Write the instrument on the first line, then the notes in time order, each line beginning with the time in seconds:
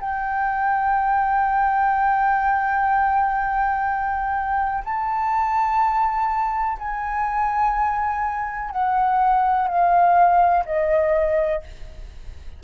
flute
0.00 G5
4.84 A5
6.78 G#5
8.71 F#5
9.68 F5
10.65 D#5